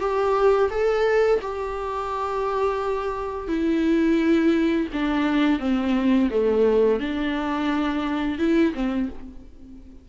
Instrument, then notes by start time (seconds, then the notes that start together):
viola
0.00 G4
0.70 A4
1.42 G4
3.48 E4
4.93 D4
5.60 C4
6.30 A3
7.00 D4
8.39 E4
8.75 C4